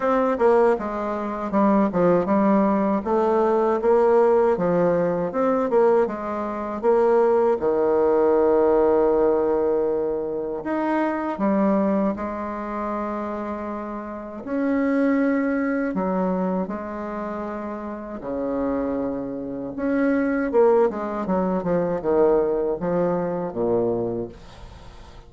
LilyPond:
\new Staff \with { instrumentName = "bassoon" } { \time 4/4 \tempo 4 = 79 c'8 ais8 gis4 g8 f8 g4 | a4 ais4 f4 c'8 ais8 | gis4 ais4 dis2~ | dis2 dis'4 g4 |
gis2. cis'4~ | cis'4 fis4 gis2 | cis2 cis'4 ais8 gis8 | fis8 f8 dis4 f4 ais,4 | }